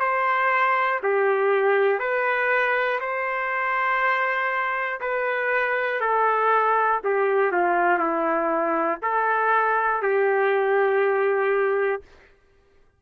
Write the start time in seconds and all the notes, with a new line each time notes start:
0.00 C5
1.03 G4
2.00 B4
3.01 C5
5.01 B4
6.01 A4
7.04 G4
7.52 F4
7.99 E4
9.02 A4
10.02 G4